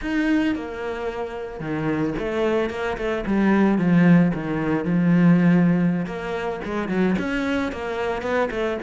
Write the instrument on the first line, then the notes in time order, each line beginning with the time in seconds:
cello
0.01 D#4
0.55 A#3
1.59 D#3
2.18 A3
2.70 A#3
2.97 A3
3.26 G3
3.78 F3
4.34 D#3
4.85 F3
6.05 A#3
6.64 G#3
6.88 F#3
7.18 C#4
7.71 A#3
8.22 B3
8.50 A3